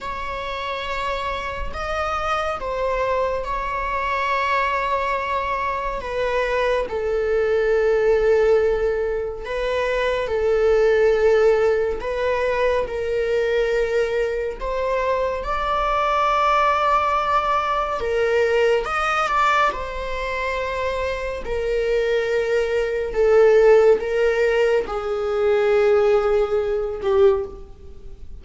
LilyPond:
\new Staff \with { instrumentName = "viola" } { \time 4/4 \tempo 4 = 70 cis''2 dis''4 c''4 | cis''2. b'4 | a'2. b'4 | a'2 b'4 ais'4~ |
ais'4 c''4 d''2~ | d''4 ais'4 dis''8 d''8 c''4~ | c''4 ais'2 a'4 | ais'4 gis'2~ gis'8 g'8 | }